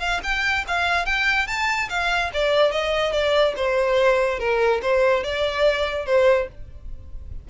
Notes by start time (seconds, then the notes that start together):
0.00 F5
0.24 G5
0.68 F5
1.06 G5
1.48 A5
1.90 F5
2.34 D5
2.72 D#5
3.13 D5
3.57 C5
4.40 A#4
4.82 C5
5.24 D5
6.06 C5